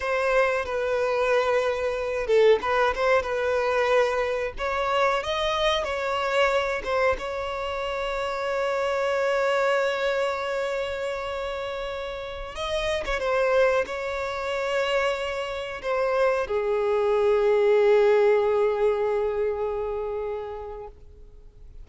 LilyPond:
\new Staff \with { instrumentName = "violin" } { \time 4/4 \tempo 4 = 92 c''4 b'2~ b'8 a'8 | b'8 c''8 b'2 cis''4 | dis''4 cis''4. c''8 cis''4~ | cis''1~ |
cis''2.~ cis''16 dis''8. | cis''16 c''4 cis''2~ cis''8.~ | cis''16 c''4 gis'2~ gis'8.~ | gis'1 | }